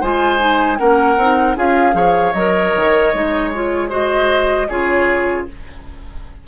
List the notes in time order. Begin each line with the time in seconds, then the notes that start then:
0.00 G#3 F4 C5 G#5
0.38 D#4
0.78 A#3 C#4 A#4 F#5
1.17 C4 D#4
1.56 C#4 F4 G#4 F5
1.93 F3 G#4 C#5
2.33 F#3 A#4 D#5
2.75 D#3
3.13 G#3 D#4
3.51 F4 C#5
3.89 F#4 C5 D#5
4.69 C#3 F4 G#4 C#5